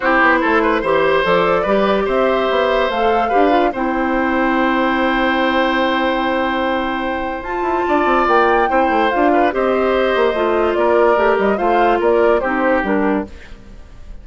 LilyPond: <<
  \new Staff \with { instrumentName = "flute" } { \time 4/4 \tempo 4 = 145 c''2. d''4~ | d''4 e''2 f''4~ | f''4 g''2.~ | g''1~ |
g''2 a''2 | g''2 f''4 dis''4~ | dis''2 d''4. dis''8 | f''4 d''4 c''4 ais'4 | }
  \new Staff \with { instrumentName = "oboe" } { \time 4/4 g'4 a'8 b'8 c''2 | b'4 c''2. | b'4 c''2.~ | c''1~ |
c''2. d''4~ | d''4 c''4. b'8 c''4~ | c''2 ais'2 | c''4 ais'4 g'2 | }
  \new Staff \with { instrumentName = "clarinet" } { \time 4/4 e'2 g'4 a'4 | g'2. a'4 | g'8 f'8 e'2.~ | e'1~ |
e'2 f'2~ | f'4 e'4 f'4 g'4~ | g'4 f'2 g'4 | f'2 dis'4 d'4 | }
  \new Staff \with { instrumentName = "bassoon" } { \time 4/4 c'8 b8 a4 e4 f4 | g4 c'4 b4 a4 | d'4 c'2.~ | c'1~ |
c'2 f'8 e'8 d'8 c'8 | ais4 c'8 a8 d'4 c'4~ | c'8 ais8 a4 ais4 a8 g8 | a4 ais4 c'4 g4 | }
>>